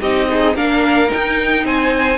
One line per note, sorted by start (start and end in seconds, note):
0.00 0.55 C4
0.00 0.29 D#4
0.00 0.27 G4
0.00 0.56 D#5
0.29 0.54 D#4
0.29 0.56 G#4
0.54 1.09 A#3
0.54 1.07 D4
0.54 1.64 A#4
0.54 1.10 F5
1.07 2.17 D#4
1.07 1.65 G5
1.15 1.64 D#4
1.64 2.18 C4
1.64 2.18 C5
1.64 2.18 G#5